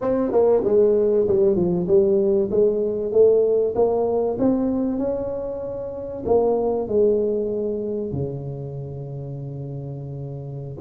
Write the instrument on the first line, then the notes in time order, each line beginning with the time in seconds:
tuba
0.01 C4
0.31 A#3
0.64 G#3
1.27 G3
1.55 F3
1.87 G3
2.50 G#3
3.12 A3
3.75 A#3
4.38 C4
4.98 C#4
6.25 A#3
6.88 G#3
8.12 C#3